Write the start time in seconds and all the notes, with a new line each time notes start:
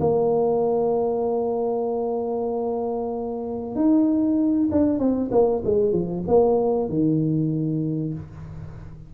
0.00 A#3
3.75 D#4
4.71 D4
4.99 C4
5.31 A#3
5.64 G#3
5.92 F3
6.27 A#3
6.89 D#3